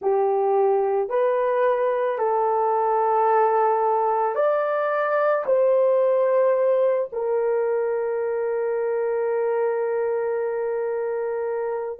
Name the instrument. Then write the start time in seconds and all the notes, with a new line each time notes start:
horn
0.01 G4
1.09 B4
2.18 A4
4.35 D5
5.45 C5
7.12 A#4